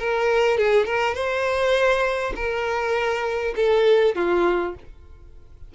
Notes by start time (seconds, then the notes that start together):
0.00 A#4
0.58 G#4
0.86 A#4
1.15 C5
2.36 A#4
3.56 A4
4.16 F4